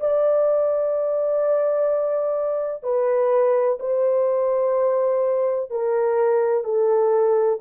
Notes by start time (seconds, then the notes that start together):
0.00 D5
2.83 B4
3.80 C5
5.70 A#4
6.64 A4